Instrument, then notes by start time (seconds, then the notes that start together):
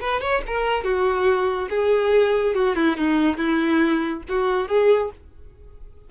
violin
0.00 B4
0.21 C#5
0.46 A#4
0.83 F#4
1.69 G#4
2.54 F#4
2.75 E4
2.97 D#4
3.37 E4
4.28 F#4
4.68 G#4